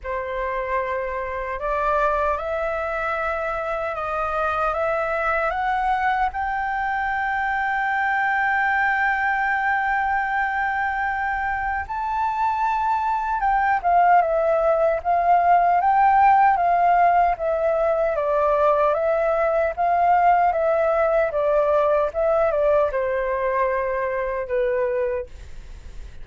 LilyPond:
\new Staff \with { instrumentName = "flute" } { \time 4/4 \tempo 4 = 76 c''2 d''4 e''4~ | e''4 dis''4 e''4 fis''4 | g''1~ | g''2. a''4~ |
a''4 g''8 f''8 e''4 f''4 | g''4 f''4 e''4 d''4 | e''4 f''4 e''4 d''4 | e''8 d''8 c''2 b'4 | }